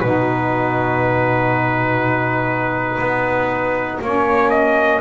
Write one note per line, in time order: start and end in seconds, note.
0.00 2.99 B2
0.00 4.03 D#4
0.00 5.01 F#4
0.00 4.00 B4
2.99 3.99 B3
4.02 5.01 A#3
4.02 5.01 C#4
4.02 4.50 C#5
4.50 5.00 D#5